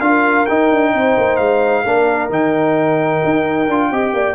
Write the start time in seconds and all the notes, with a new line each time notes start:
0.00 D4 F4 A#4 F5
0.46 D#4 G5
0.72 D4
0.94 C4 C5
1.17 A#3
1.36 G#3 F5
1.84 A#3 D4 A#4
2.30 D#3 D#4 G5
3.24 D#4
3.68 D4 F4
3.91 C4 G4 D#5
4.13 A#3 D5